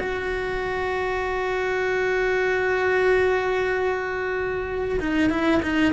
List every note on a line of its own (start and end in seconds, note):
0.00 5.00 F#4
5.00 5.30 D#4
5.30 5.62 E4
5.62 5.93 D#4